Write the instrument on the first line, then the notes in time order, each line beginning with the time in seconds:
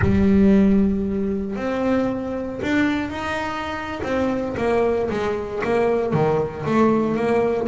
double bass
0.01 G3
1.56 C4
2.62 D4
3.10 D#4
4.03 C4
4.57 A#3
5.10 G#3
5.64 A#3
6.13 D#3
6.65 A3
7.15 A#3